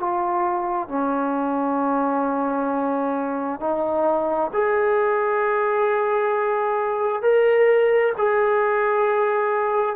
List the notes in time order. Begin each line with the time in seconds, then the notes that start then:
0.00 F4
0.89 C#4
3.60 D#4
4.53 G#4
7.22 A#4
8.18 G#4